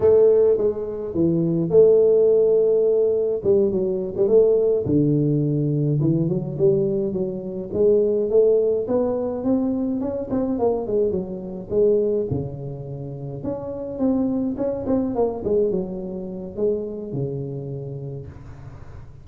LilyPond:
\new Staff \with { instrumentName = "tuba" } { \time 4/4 \tempo 4 = 105 a4 gis4 e4 a4~ | a2 g8 fis8. g16 a8~ | a8 d2 e8 fis8 g8~ | g8 fis4 gis4 a4 b8~ |
b8 c'4 cis'8 c'8 ais8 gis8 fis8~ | fis8 gis4 cis2 cis'8~ | cis'8 c'4 cis'8 c'8 ais8 gis8 fis8~ | fis4 gis4 cis2 | }